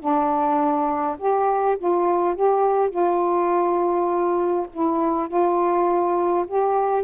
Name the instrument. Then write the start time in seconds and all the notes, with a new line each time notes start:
saxophone
0.00 D4
1.18 G4
1.78 F4
2.35 G4
2.90 F4
4.73 E4
5.28 F4
6.48 G4